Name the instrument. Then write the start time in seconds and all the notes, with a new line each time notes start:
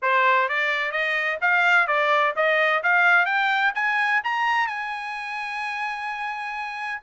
trumpet
0.02 C5
0.48 D5
0.91 D#5
1.41 F5
1.87 D5
2.35 D#5
2.83 F5
3.25 G5
3.74 G#5
4.24 A#5
4.67 G#5